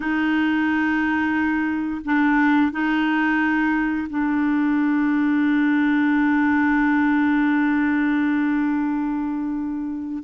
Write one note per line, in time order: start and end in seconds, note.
0.00 2.01 D#4
2.04 2.71 D4
2.71 4.07 D#4
4.09 10.23 D4